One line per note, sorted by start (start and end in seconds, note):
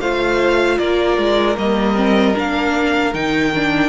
0.00 0.78 A3
0.00 1.56 F4
0.00 0.78 C5
0.00 0.78 F5
0.78 1.17 A#3
0.78 3.89 A#4
0.78 1.56 D5
1.17 1.56 G#3
1.56 2.35 G3
1.56 1.95 A#3
1.56 2.36 D#5
1.95 2.34 C4
2.35 3.13 A#3
2.35 3.13 D4
2.35 3.13 F5
3.13 3.89 D#3
3.13 3.52 D#4
3.13 3.89 G5
3.55 3.89 D4